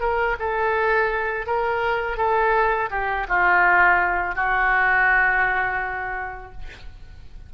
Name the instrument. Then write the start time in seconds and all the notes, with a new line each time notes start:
oboe
0.00 A#4
0.39 A4
1.47 A#4
2.18 A4
2.91 G4
3.29 F4
4.35 F#4